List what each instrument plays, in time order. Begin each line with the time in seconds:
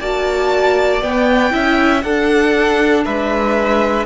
0.00 cello A#3, viola F#4, violin D5 A5
1.02 viola B3, cello B3, violin G5
1.51 cello C#4, viola E4, violin E5
2.02 cello D4, viola D4, violin A4 F#5
3.05 cello G#3, violin B4 E5